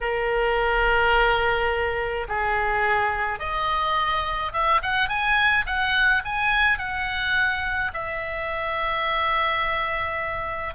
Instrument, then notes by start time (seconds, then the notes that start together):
oboe
0.00 A#4
2.28 G#4
3.39 D#5
4.52 E5
4.82 F#5
5.08 G#5
5.66 F#5
6.24 G#5
6.78 F#5
7.93 E5